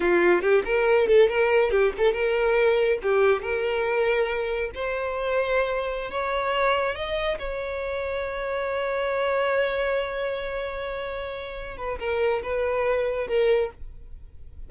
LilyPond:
\new Staff \with { instrumentName = "violin" } { \time 4/4 \tempo 4 = 140 f'4 g'8 ais'4 a'8 ais'4 | g'8 a'8 ais'2 g'4 | ais'2. c''4~ | c''2~ c''16 cis''4.~ cis''16~ |
cis''16 dis''4 cis''2~ cis''8.~ | cis''1~ | cis''2.~ cis''8 b'8 | ais'4 b'2 ais'4 | }